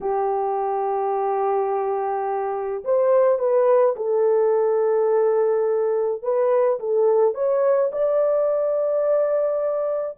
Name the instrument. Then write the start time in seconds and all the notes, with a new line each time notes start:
horn
0.01 G4
2.84 C5
3.38 B4
3.96 A4
6.22 B4
6.79 A4
7.34 C#5
7.91 D5